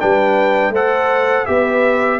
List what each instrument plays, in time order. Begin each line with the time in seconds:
0.00 tuba G3, trombone D4, horn B4, trumpet G5
0.69 tuba A3, trombone A4, horn C5, trumpet F#5
1.46 tuba B3, trombone G4, horn B4, trumpet E5